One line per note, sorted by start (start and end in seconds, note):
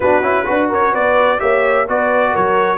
0.00 0.21 B3
0.00 0.22 D4
0.00 0.48 F#4
0.00 0.69 B4
0.21 0.45 C#4
0.21 0.45 E4
0.45 0.71 D4
0.45 1.38 F#4
0.45 0.69 B4
0.69 0.93 C#4
0.69 0.92 A#4
0.69 0.94 C#5
0.92 1.40 B3
0.92 1.39 B4
0.92 1.40 D5
1.38 1.88 A#3
1.38 1.85 G4
1.38 1.88 C#5
1.38 1.87 E5
1.88 2.35 B3
1.88 2.77 F#4
1.88 2.31 B4
1.88 2.35 D5
2.31 2.77 F#3
2.31 2.77 A#4
2.31 2.77 C#5